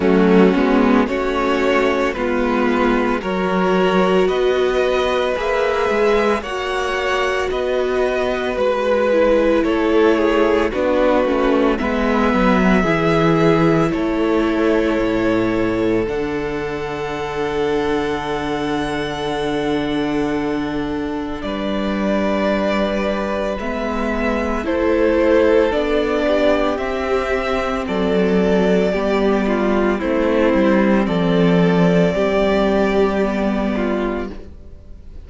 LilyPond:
<<
  \new Staff \with { instrumentName = "violin" } { \time 4/4 \tempo 4 = 56 fis'4 cis''4 b'4 cis''4 | dis''4 e''4 fis''4 dis''4 | b'4 cis''4 b'4 e''4~ | e''4 cis''2 fis''4~ |
fis''1 | d''2 e''4 c''4 | d''4 e''4 d''2 | c''4 d''2. | }
  \new Staff \with { instrumentName = "violin" } { \time 4/4 cis'4 fis'4 f'4 ais'4 | b'2 cis''4 b'4~ | b'4 a'8 gis'8 fis'4 b'4 | gis'4 a'2.~ |
a'1 | b'2. a'4~ | a'8 g'4. a'4 g'8 f'8 | e'4 a'4 g'4. f'8 | }
  \new Staff \with { instrumentName = "viola" } { \time 4/4 a8 b8 cis'4 b4 fis'4~ | fis'4 gis'4 fis'2~ | fis'8 e'4. d'8 cis'8 b4 | e'2. d'4~ |
d'1~ | d'2 b4 e'4 | d'4 c'2 b4 | c'2. b4 | }
  \new Staff \with { instrumentName = "cello" } { \time 4/4 fis8 gis8 a4 gis4 fis4 | b4 ais8 gis8 ais4 b4 | gis4 a4 b8 a8 gis8 fis8 | e4 a4 a,4 d4~ |
d1 | g2 gis4 a4 | b4 c'4 fis4 g4 | a8 g8 f4 g2 | }
>>